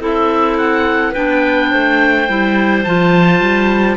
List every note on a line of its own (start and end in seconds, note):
0.00 1.14 C4
0.00 1.13 E4
0.00 1.11 A4
0.00 0.57 E5
0.57 1.14 F#5
1.11 1.72 B3
1.11 2.27 D4
1.11 1.67 B4
1.11 2.83 G5
1.70 2.29 A3
1.70 3.96 C5
2.27 2.85 G3
2.27 2.84 E4
2.83 3.40 F3
2.83 3.96 F4
2.83 3.96 A5
3.40 3.96 G3